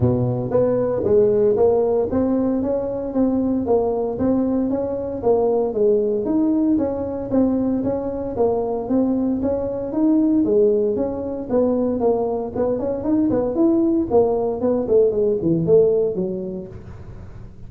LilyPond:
\new Staff \with { instrumentName = "tuba" } { \time 4/4 \tempo 4 = 115 b,4 b4 gis4 ais4 | c'4 cis'4 c'4 ais4 | c'4 cis'4 ais4 gis4 | dis'4 cis'4 c'4 cis'4 |
ais4 c'4 cis'4 dis'4 | gis4 cis'4 b4 ais4 | b8 cis'8 dis'8 b8 e'4 ais4 | b8 a8 gis8 e8 a4 fis4 | }